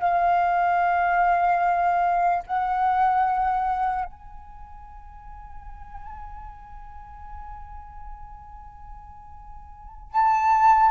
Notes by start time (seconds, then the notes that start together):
0.00 F5
2.47 F#5
4.05 G#5
10.12 A5